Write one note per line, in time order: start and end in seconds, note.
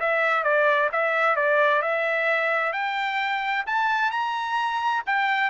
0.00 0.44 E5
0.44 0.90 D5
0.92 1.37 E5
1.37 1.82 D5
1.82 2.73 E5
2.73 3.65 G5
3.67 4.11 A5
4.11 5.04 A#5
5.07 5.51 G5